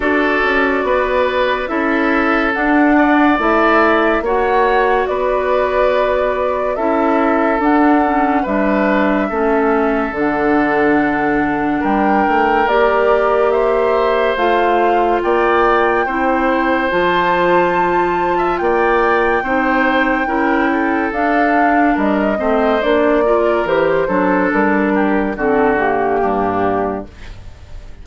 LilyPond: <<
  \new Staff \with { instrumentName = "flute" } { \time 4/4 \tempo 4 = 71 d''2 e''4 fis''4 | e''4 fis''4 d''2 | e''4 fis''4 e''2 | fis''2 g''4 d''4 |
e''4 f''4 g''2 | a''2 g''2~ | g''4 f''4 dis''4 d''4 | c''4 ais'4 a'8 g'4. | }
  \new Staff \with { instrumentName = "oboe" } { \time 4/4 a'4 b'4 a'4. d''8~ | d''4 cis''4 b'2 | a'2 b'4 a'4~ | a'2 ais'2 |
c''2 d''4 c''4~ | c''4.~ c''16 e''16 d''4 c''4 | ais'8 a'4. ais'8 c''4 ais'8~ | ais'8 a'4 g'8 fis'4 d'4 | }
  \new Staff \with { instrumentName = "clarinet" } { \time 4/4 fis'2 e'4 d'4 | e'4 fis'2. | e'4 d'8 cis'8 d'4 cis'4 | d'2. g'4~ |
g'4 f'2 e'4 | f'2. dis'4 | e'4 d'4. c'8 d'8 f'8 | g'8 d'4. c'8 ais4. | }
  \new Staff \with { instrumentName = "bassoon" } { \time 4/4 d'8 cis'8 b4 cis'4 d'4 | a4 ais4 b2 | cis'4 d'4 g4 a4 | d2 g8 a8 ais4~ |
ais4 a4 ais4 c'4 | f2 ais4 c'4 | cis'4 d'4 g8 a8 ais4 | e8 fis8 g4 d4 g,4 | }
>>